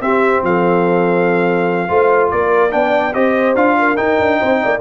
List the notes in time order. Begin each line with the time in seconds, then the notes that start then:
0.00 C4 G4 E5
0.43 F3 A4 F5
1.88 A3 F4 C5
2.30 A#3 A#4 D5
2.70 B3 D4 D5 G5
3.13 C4 G4 C5 D#5
3.55 D4 F4 F5
3.78 A#4
3.96 D#4 G5
4.19 D4
4.39 C4 C5
4.62 A#3 D5